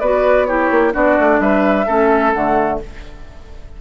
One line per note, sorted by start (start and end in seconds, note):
0.00 0.71 B3
0.00 0.47 F#4
0.00 0.47 B4
0.00 0.46 D5
0.46 0.92 E4
0.46 0.93 G4
0.46 0.92 C#5
0.71 0.94 A#3
0.92 1.18 B3
0.92 1.85 D4
0.92 1.40 F#4
0.92 1.40 D5
1.19 1.40 A3
1.40 1.86 G3
1.40 1.86 B4
1.40 2.33 E5
1.86 2.34 A3
1.86 2.34 C#4
1.86 2.79 A4
2.33 2.81 D3
2.33 2.81 A3
2.33 2.80 F#5